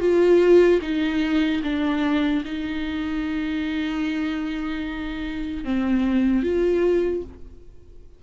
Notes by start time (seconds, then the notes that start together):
0.00 F4
0.81 D#4
1.63 D4
2.45 D#4
5.64 C4
6.43 F4